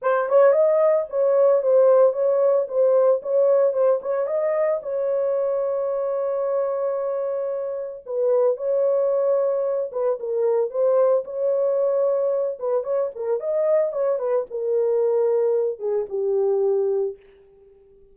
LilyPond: \new Staff \with { instrumentName = "horn" } { \time 4/4 \tempo 4 = 112 c''8 cis''8 dis''4 cis''4 c''4 | cis''4 c''4 cis''4 c''8 cis''8 | dis''4 cis''2.~ | cis''2. b'4 |
cis''2~ cis''8 b'8 ais'4 | c''4 cis''2~ cis''8 b'8 | cis''8 ais'8 dis''4 cis''8 b'8 ais'4~ | ais'4. gis'8 g'2 | }